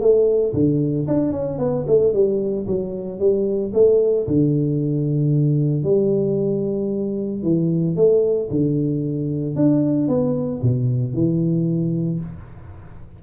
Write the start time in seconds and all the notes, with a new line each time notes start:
0.00 A3
0.53 D3
1.07 D4
1.32 C#4
1.58 B3
1.87 A3
2.13 G3
2.66 F#3
3.19 G3
3.73 A3
4.27 D3
5.83 G3
7.43 E3
7.95 A3
8.50 D3
9.55 D4
10.08 B3
10.62 B2
11.13 E3